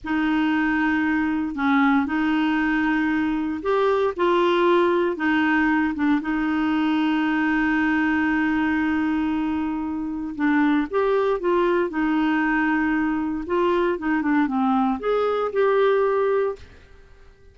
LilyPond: \new Staff \with { instrumentName = "clarinet" } { \time 4/4 \tempo 4 = 116 dis'2. cis'4 | dis'2. g'4 | f'2 dis'4. d'8 | dis'1~ |
dis'1 | d'4 g'4 f'4 dis'4~ | dis'2 f'4 dis'8 d'8 | c'4 gis'4 g'2 | }